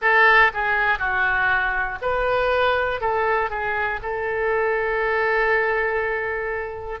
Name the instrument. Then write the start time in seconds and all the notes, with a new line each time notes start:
oboe
0.01 A4
0.53 G#4
0.98 F#4
2.01 B4
3.00 A4
3.50 G#4
4.02 A4